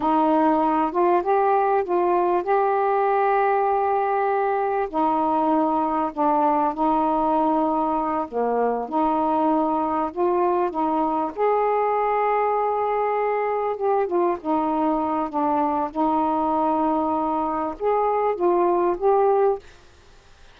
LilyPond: \new Staff \with { instrumentName = "saxophone" } { \time 4/4 \tempo 4 = 98 dis'4. f'8 g'4 f'4 | g'1 | dis'2 d'4 dis'4~ | dis'4. ais4 dis'4.~ |
dis'8 f'4 dis'4 gis'4.~ | gis'2~ gis'8 g'8 f'8 dis'8~ | dis'4 d'4 dis'2~ | dis'4 gis'4 f'4 g'4 | }